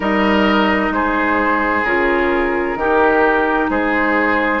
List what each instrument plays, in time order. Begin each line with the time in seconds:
0.00 bassoon G3, clarinet D#4, oboe A#4, flute D#5
0.90 bassoon G#3, oboe G#4, flute C5
1.84 bassoon C#3, clarinet F4, flute A#4
2.75 bassoon D#3, clarinet D#4, oboe G4
3.69 bassoon G#3, oboe G#4, flute C5